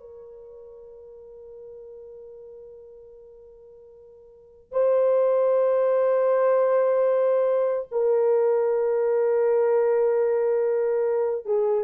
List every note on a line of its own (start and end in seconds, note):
0.00 4.72 A#4
4.72 7.88 C5
7.92 11.45 A#4
11.45 11.85 G#4